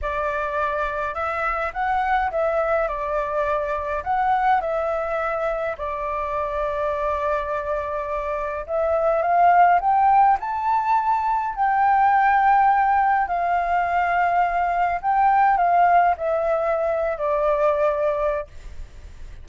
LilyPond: \new Staff \with { instrumentName = "flute" } { \time 4/4 \tempo 4 = 104 d''2 e''4 fis''4 | e''4 d''2 fis''4 | e''2 d''2~ | d''2. e''4 |
f''4 g''4 a''2 | g''2. f''4~ | f''2 g''4 f''4 | e''4.~ e''16 d''2~ d''16 | }